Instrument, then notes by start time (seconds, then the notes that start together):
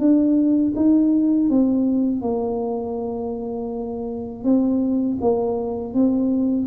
tuba
0.00 D4
0.76 D#4
1.50 C4
2.22 A#3
4.44 C4
5.22 A#3
5.94 C4